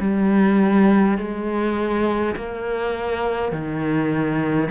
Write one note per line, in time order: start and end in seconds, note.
0.00 1.18 G3
1.18 2.35 G#3
2.36 3.51 A#3
3.51 4.69 D#3